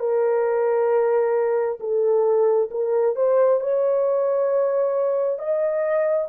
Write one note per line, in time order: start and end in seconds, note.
0.00 1.79 A#4
1.80 2.70 A4
2.71 3.16 A#4
3.16 3.61 C5
3.61 5.39 C#5
5.39 6.29 D#5